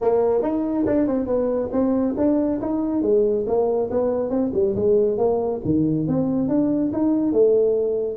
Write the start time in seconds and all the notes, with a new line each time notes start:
0.01 A#3
0.42 D#4
0.86 D4
1.07 C4
1.26 B3
1.71 C4
2.17 D4
2.61 D#4
3.02 G#3
3.46 A#3
3.90 B3
4.29 C4
4.53 G3
4.75 G#3
5.17 A#3
5.64 D#3
6.07 C4
6.48 D4
6.92 D#4
7.32 A3